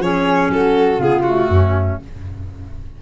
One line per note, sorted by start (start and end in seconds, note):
0.00 0.49 F3
0.00 0.98 C#4
0.00 0.52 G#4
0.00 0.51 C#5
0.50 0.99 F#3
0.50 1.00 F#4
0.50 1.02 A4
0.98 1.48 C#3
0.98 1.23 B3
0.98 1.49 F4
0.98 1.22 G#4
1.22 2.00 A3
1.22 1.96 F#4
1.49 1.98 F#2
1.49 2.02 C#4